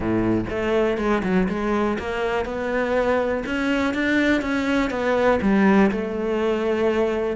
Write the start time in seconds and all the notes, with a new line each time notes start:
0.00 A2
0.49 A3
0.97 G#3
1.23 F#3
1.48 G#3
1.98 A#3
2.45 B3
3.46 C#4
3.94 D4
4.42 C#4
4.90 B3
5.41 G3
5.91 A3